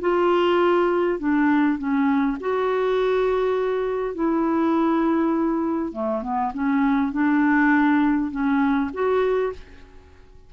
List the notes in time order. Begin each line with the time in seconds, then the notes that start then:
0.00 F4
1.19 D4
1.78 C#4
2.40 F#4
4.14 E4
5.92 A3
6.22 B3
6.53 C#4
7.12 D4
8.31 C#4
8.93 F#4